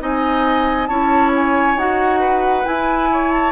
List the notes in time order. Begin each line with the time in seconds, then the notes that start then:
0.00 C4 D#4 D#5 G#5
0.87 C#4 E4 C#5 A5
1.36 G#5
1.76 D#4 F#4 F#5
2.20 B4
2.64 E4 G#5
3.12 C#5
3.31 A5